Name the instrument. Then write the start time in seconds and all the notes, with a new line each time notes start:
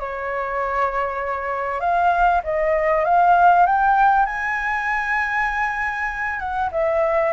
flute
0.00 C#5
1.81 F5
2.44 D#5
3.05 F5
3.66 G5
4.26 G#5
6.40 F#5
6.72 E5